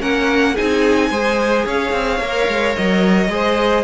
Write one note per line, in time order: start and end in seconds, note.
0.00 0.57 A#3
0.00 0.55 C#4
0.00 0.54 A#4
0.00 0.57 F#5
0.54 1.11 C4
0.54 1.12 D#4
0.54 1.10 G#4
0.54 1.67 G#5
1.11 1.66 G#3
1.11 2.21 G#4
1.11 1.66 C5
1.66 1.93 C#4
1.66 3.31 C#5
1.66 2.76 F5
1.93 2.20 C4
2.20 2.48 A#3
2.20 3.30 A#4
2.48 2.76 G#3
2.76 3.29 F#3
2.76 3.85 D#5
3.29 3.84 G#3
3.29 3.85 G#4
3.29 3.85 C5